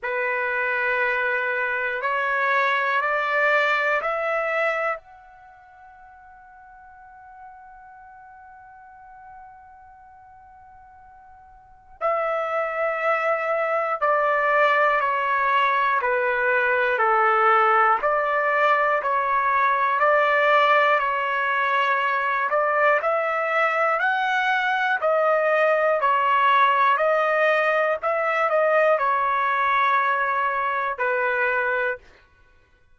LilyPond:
\new Staff \with { instrumentName = "trumpet" } { \time 4/4 \tempo 4 = 60 b'2 cis''4 d''4 | e''4 fis''2.~ | fis''1 | e''2 d''4 cis''4 |
b'4 a'4 d''4 cis''4 | d''4 cis''4. d''8 e''4 | fis''4 dis''4 cis''4 dis''4 | e''8 dis''8 cis''2 b'4 | }